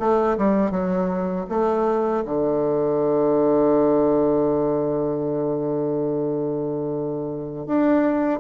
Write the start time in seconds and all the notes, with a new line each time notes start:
0.00 A3
0.38 G3
0.71 F#3
1.49 A3
2.26 D3
7.67 D4